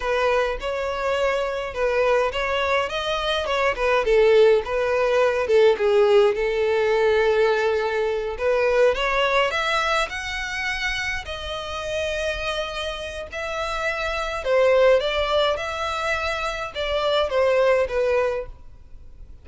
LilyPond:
\new Staff \with { instrumentName = "violin" } { \time 4/4 \tempo 4 = 104 b'4 cis''2 b'4 | cis''4 dis''4 cis''8 b'8 a'4 | b'4. a'8 gis'4 a'4~ | a'2~ a'8 b'4 cis''8~ |
cis''8 e''4 fis''2 dis''8~ | dis''2. e''4~ | e''4 c''4 d''4 e''4~ | e''4 d''4 c''4 b'4 | }